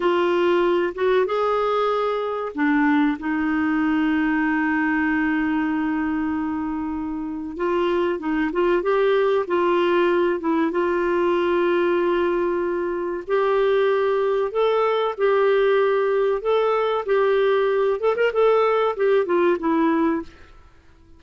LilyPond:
\new Staff \with { instrumentName = "clarinet" } { \time 4/4 \tempo 4 = 95 f'4. fis'8 gis'2 | d'4 dis'2.~ | dis'1 | f'4 dis'8 f'8 g'4 f'4~ |
f'8 e'8 f'2.~ | f'4 g'2 a'4 | g'2 a'4 g'4~ | g'8 a'16 ais'16 a'4 g'8 f'8 e'4 | }